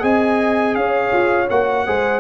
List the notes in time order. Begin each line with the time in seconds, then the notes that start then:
0.00 C4 G#4 D#5 G#5
0.75 C#4 C#5 F5
1.12 F4
1.50 A#3 F#4 F#5
1.86 G#3 G#4 C5